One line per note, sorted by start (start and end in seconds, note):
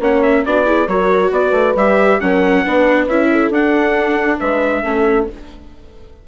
0.00 0.44 A#3
0.00 0.46 C#4
0.00 0.45 C#5
0.00 0.23 F#5
0.23 0.45 E5
0.46 0.87 B3
0.46 0.65 D4
0.46 0.66 F#4
0.46 0.88 D5
0.65 0.87 E4
0.65 0.88 G#4
0.87 1.31 F#3
0.87 1.77 F#4
0.87 1.33 A#4
0.87 1.32 C#5
1.31 1.52 B3
1.31 2.21 B4
1.31 1.77 D5
1.52 1.74 A3
1.75 2.19 G3
1.75 2.21 G4
1.75 2.20 E5
2.20 2.66 F#3
2.20 2.65 C#4
2.20 2.64 A#4
2.20 3.08 F#5
2.64 3.08 B3
2.64 3.09 D4
2.64 3.29 B4
3.08 3.50 C#4
3.08 3.54 E4
3.08 3.52 E5
3.31 4.39 A4
3.50 4.38 D4
3.50 4.84 D4
3.50 4.39 F#5
4.39 4.83 G#3
4.39 4.83 B4
4.39 5.27 E5
4.83 5.27 A3
4.83 5.28 C#4
4.83 5.27 A4